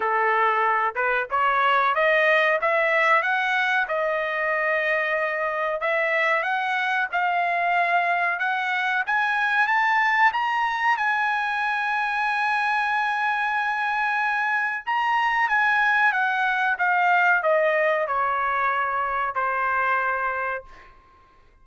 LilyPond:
\new Staff \with { instrumentName = "trumpet" } { \time 4/4 \tempo 4 = 93 a'4. b'8 cis''4 dis''4 | e''4 fis''4 dis''2~ | dis''4 e''4 fis''4 f''4~ | f''4 fis''4 gis''4 a''4 |
ais''4 gis''2.~ | gis''2. ais''4 | gis''4 fis''4 f''4 dis''4 | cis''2 c''2 | }